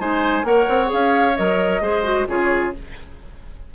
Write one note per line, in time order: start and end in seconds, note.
0.00 0.44 G#3
0.00 0.44 D#4
0.00 0.46 C5
0.00 0.46 G#5
0.44 0.67 A#3
0.44 0.87 A#4
0.44 1.83 C#5
0.44 0.91 F#5
0.69 0.92 C4
0.87 1.32 G#4
0.87 1.37 F5
0.93 1.39 C#4
1.37 1.81 F#3
1.37 1.82 A#4
1.37 2.28 D#5
1.81 2.27 G#3
1.81 2.04 G#4
1.81 2.28 C5
2.04 2.27 F#4
2.28 2.75 C#3
2.28 2.74 F4
2.28 2.75 G#4
2.28 2.73 C#5